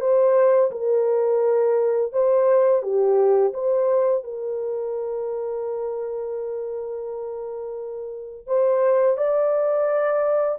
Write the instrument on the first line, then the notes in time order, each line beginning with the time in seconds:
horn
0.00 C5
0.71 A#4
2.12 C5
2.82 G4
3.53 C5
4.24 A#4
8.46 C5
9.17 D5